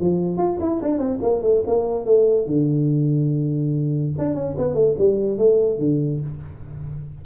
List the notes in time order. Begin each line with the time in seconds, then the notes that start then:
0.00 F3
0.38 F4
0.60 E4
0.82 D4
0.98 C4
1.22 A#3
1.42 A3
1.67 A#3
2.05 A3
2.46 D3
4.18 D4
4.35 C#4
4.58 B3
4.74 A3
4.98 G3
5.38 A3
5.79 D3